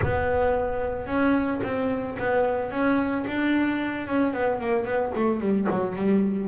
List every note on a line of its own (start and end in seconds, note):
0.02 1.06 B3
1.06 1.60 C#4
1.63 2.17 C4
2.18 2.70 B3
2.70 3.24 C#4
3.27 4.07 D4
4.07 4.33 C#4
4.33 4.60 B3
4.60 4.85 A#3
4.85 5.12 B3
5.14 5.40 A3
5.40 5.67 G3
5.70 5.95 F#3
5.95 6.48 G3